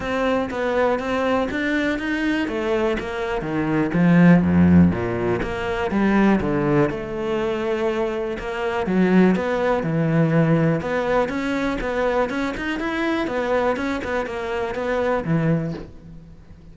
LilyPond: \new Staff \with { instrumentName = "cello" } { \time 4/4 \tempo 4 = 122 c'4 b4 c'4 d'4 | dis'4 a4 ais4 dis4 | f4 f,4 ais,4 ais4 | g4 d4 a2~ |
a4 ais4 fis4 b4 | e2 b4 cis'4 | b4 cis'8 dis'8 e'4 b4 | cis'8 b8 ais4 b4 e4 | }